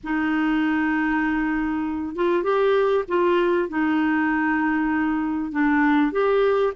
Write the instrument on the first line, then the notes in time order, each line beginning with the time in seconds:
clarinet
0.03 D#4
2.15 F4
2.43 G4
3.08 F4
3.68 D#4
5.51 D4
6.12 G4